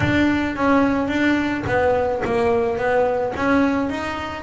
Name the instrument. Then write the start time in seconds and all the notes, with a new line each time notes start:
double bass
0.00 D4
0.56 C#4
1.08 D4
1.66 B3
2.24 A#3
2.77 B3
3.36 C#4
3.89 D#4